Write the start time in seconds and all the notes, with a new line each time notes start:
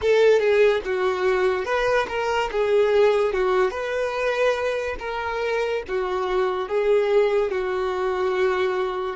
0.02 A4
0.39 G#4
0.84 F#4
1.65 B4
2.08 A#4
2.51 G#4
3.33 F#4
3.70 B4
4.99 A#4
5.87 F#4
6.68 G#4
7.51 F#4